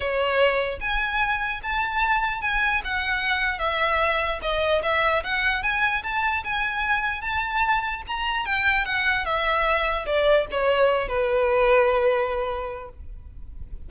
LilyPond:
\new Staff \with { instrumentName = "violin" } { \time 4/4 \tempo 4 = 149 cis''2 gis''2 | a''2 gis''4 fis''4~ | fis''4 e''2 dis''4 | e''4 fis''4 gis''4 a''4 |
gis''2 a''2 | ais''4 g''4 fis''4 e''4~ | e''4 d''4 cis''4. b'8~ | b'1 | }